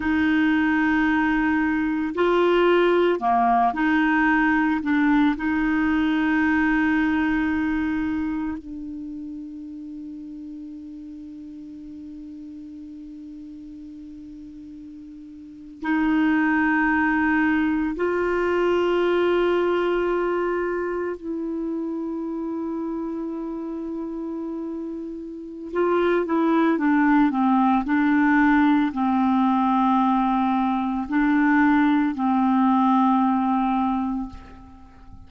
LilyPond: \new Staff \with { instrumentName = "clarinet" } { \time 4/4 \tempo 4 = 56 dis'2 f'4 ais8 dis'8~ | dis'8 d'8 dis'2. | d'1~ | d'2~ d'8. dis'4~ dis'16~ |
dis'8. f'2. e'16~ | e'1 | f'8 e'8 d'8 c'8 d'4 c'4~ | c'4 d'4 c'2 | }